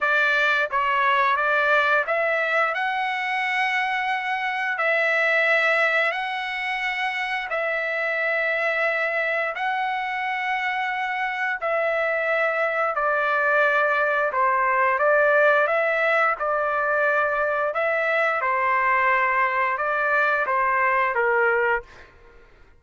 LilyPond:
\new Staff \with { instrumentName = "trumpet" } { \time 4/4 \tempo 4 = 88 d''4 cis''4 d''4 e''4 | fis''2. e''4~ | e''4 fis''2 e''4~ | e''2 fis''2~ |
fis''4 e''2 d''4~ | d''4 c''4 d''4 e''4 | d''2 e''4 c''4~ | c''4 d''4 c''4 ais'4 | }